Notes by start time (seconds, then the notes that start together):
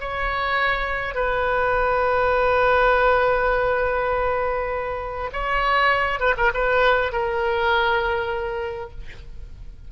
0.00 C#5
1.14 B4
5.32 C#5
6.20 B4
6.37 A#4
6.53 B4
7.12 A#4